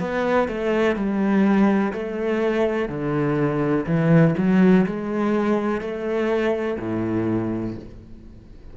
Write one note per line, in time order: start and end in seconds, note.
0.00 0.48 B3
0.48 0.96 A3
0.96 1.93 G3
1.93 2.89 A3
2.89 3.85 D3
3.86 4.35 E3
4.38 4.86 F#3
4.86 5.81 G#3
5.81 6.77 A3
6.80 7.76 A2